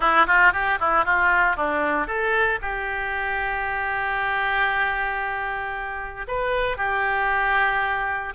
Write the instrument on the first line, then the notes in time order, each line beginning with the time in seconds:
oboe
0.00 E4
0.26 F4
0.52 G4
0.79 E4
1.05 F4
1.56 D4
2.07 A4
2.61 G4
6.28 B4
6.77 G4